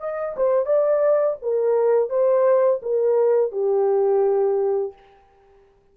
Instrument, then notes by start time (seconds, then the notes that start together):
horn
0.00 D#5
0.36 C5
0.66 D5
1.42 A#4
2.10 C5
2.82 A#4
3.52 G4